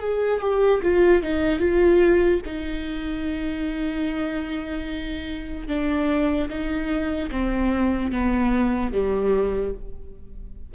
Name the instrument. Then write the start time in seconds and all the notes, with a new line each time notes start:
viola
0.00 G#4
0.41 G4
0.83 F4
1.23 D#4
1.60 F4
2.45 D#4
5.68 D4
6.49 D#4
7.31 C4
8.12 B3
8.93 G3